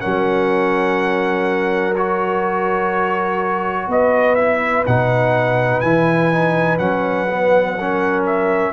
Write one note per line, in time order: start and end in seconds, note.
0.00 3.87 F#3
0.00 1.94 C#4
0.00 3.89 A#4
0.00 1.94 F#5
1.95 4.37 F#4
1.95 3.89 C#5
3.87 4.84 B3
3.87 7.76 B4
3.87 4.35 D#5
4.35 4.85 E4
4.35 4.83 E5
4.86 5.82 B2
4.86 5.83 D#4
4.86 5.80 F#5
5.80 6.79 E3
5.80 6.32 E4
5.80 6.77 G#5
6.32 6.79 D#4
6.78 8.72 F#3
6.78 7.27 C#4
6.78 8.23 F#5
7.29 7.77 B3
7.76 8.72 C#4
7.76 8.72 A#4
8.26 8.72 E5